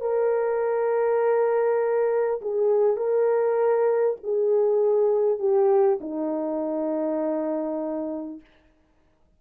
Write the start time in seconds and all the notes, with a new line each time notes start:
0.00 A#4
2.41 G#4
2.96 A#4
4.23 G#4
5.38 G4
6.00 D#4